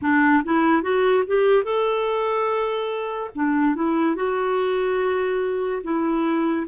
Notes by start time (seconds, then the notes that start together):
0.01 D4
0.44 E4
0.82 F#4
1.27 G4
1.63 A4
3.35 D4
3.75 E4
4.15 F#4
5.83 E4